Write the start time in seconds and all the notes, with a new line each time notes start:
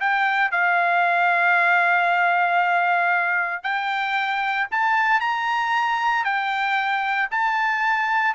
0.00 G5
0.51 F5
3.63 G5
4.71 A5
5.20 A#5
6.24 G5
7.31 A5